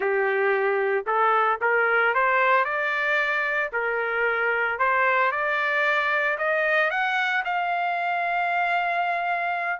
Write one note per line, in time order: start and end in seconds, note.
0.00 1.05 G4
1.06 1.59 A4
1.61 2.14 A#4
2.14 2.64 C5
2.64 3.70 D5
3.72 4.78 A#4
4.78 5.31 C5
5.31 6.37 D5
6.38 6.90 D#5
6.90 7.43 F#5
7.45 9.79 F5